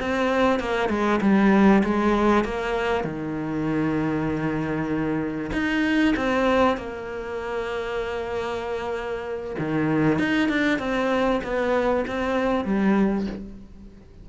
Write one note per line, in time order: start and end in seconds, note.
0.00 0.60 C4
0.60 0.89 A#3
0.89 1.20 G#3
1.21 1.83 G3
1.84 2.45 G#3
2.45 3.04 A#3
3.04 5.52 D#3
5.53 6.15 D#4
6.17 6.77 C4
6.77 9.56 A#3
9.59 10.19 D#3
10.19 10.49 D#4
10.49 10.79 D4
10.79 11.41 C4
11.44 12.06 B3
12.07 12.65 C4
12.65 13.27 G3